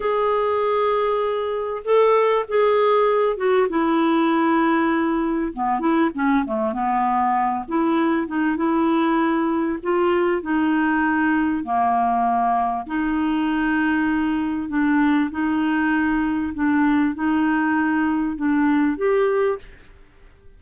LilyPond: \new Staff \with { instrumentName = "clarinet" } { \time 4/4 \tempo 4 = 98 gis'2. a'4 | gis'4. fis'8 e'2~ | e'4 b8 e'8 cis'8 a8 b4~ | b8 e'4 dis'8 e'2 |
f'4 dis'2 ais4~ | ais4 dis'2. | d'4 dis'2 d'4 | dis'2 d'4 g'4 | }